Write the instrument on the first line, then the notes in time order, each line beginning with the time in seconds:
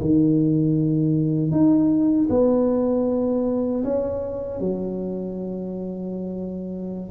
tuba
0.00 D#3
1.51 D#4
2.29 B3
3.84 C#4
4.60 F#3